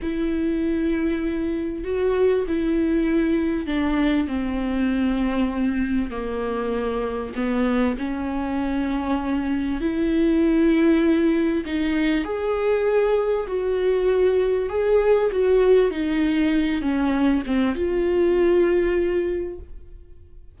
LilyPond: \new Staff \with { instrumentName = "viola" } { \time 4/4 \tempo 4 = 98 e'2. fis'4 | e'2 d'4 c'4~ | c'2 ais2 | b4 cis'2. |
e'2. dis'4 | gis'2 fis'2 | gis'4 fis'4 dis'4. cis'8~ | cis'8 c'8 f'2. | }